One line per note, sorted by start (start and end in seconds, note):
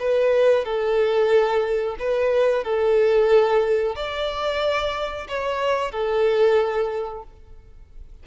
0.00 0.65 B4
0.65 1.97 A4
2.00 2.64 B4
2.64 3.96 A4
3.96 5.28 D5
5.29 5.92 C#5
5.92 7.24 A4